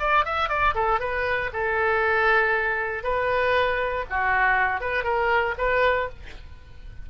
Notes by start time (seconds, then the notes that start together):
0.00 D5
0.25 E5
0.49 D5
0.75 A4
1.00 B4
1.54 A4
3.04 B4
4.10 F#4
4.81 B4
5.04 A#4
5.58 B4